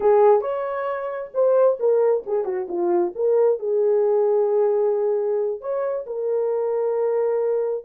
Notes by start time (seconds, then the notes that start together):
0.00 G#4
0.41 C#5
1.34 C5
1.79 A#4
2.26 G#4
2.44 F#4
2.68 F4
3.15 A#4
3.59 G#4
5.61 C#5
6.06 A#4